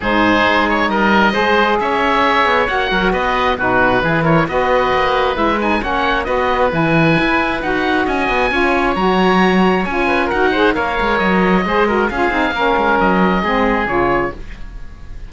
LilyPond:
<<
  \new Staff \with { instrumentName = "oboe" } { \time 4/4 \tempo 4 = 134 c''4. cis''8 dis''2 | e''2 fis''4 dis''4 | b'4. cis''8 dis''2 | e''8 gis''8 fis''4 dis''4 gis''4~ |
gis''4 fis''4 gis''2 | ais''2 gis''4 fis''4 | f''4 dis''2 f''4~ | f''4 dis''2 cis''4 | }
  \new Staff \with { instrumentName = "oboe" } { \time 4/4 gis'2 ais'4 c''4 | cis''2~ cis''8 ais'8 b'4 | fis'4 gis'8 ais'8 b'2~ | b'4 cis''4 b'2~ |
b'2 dis''4 cis''4~ | cis''2~ cis''8 b'8 ais'8 c''8 | cis''2 c''8 ais'8 gis'4 | ais'2 gis'2 | }
  \new Staff \with { instrumentName = "saxophone" } { \time 4/4 dis'2. gis'4~ | gis'2 fis'2 | dis'4 e'4 fis'2 | e'8 dis'8 cis'4 fis'4 e'4~ |
e'4 fis'2 f'4 | fis'2 f'4 fis'8 gis'8 | ais'2 gis'8 fis'8 f'8 dis'8 | cis'2 c'4 f'4 | }
  \new Staff \with { instrumentName = "cello" } { \time 4/4 gis,4 gis4 g4 gis4 | cis'4. b8 ais8 fis8 b4 | b,4 e4 b4 ais4 | gis4 ais4 b4 e4 |
e'4 dis'4 cis'8 b8 cis'4 | fis2 cis'4 dis'4 | ais8 gis8 fis4 gis4 cis'8 c'8 | ais8 gis8 fis4 gis4 cis4 | }
>>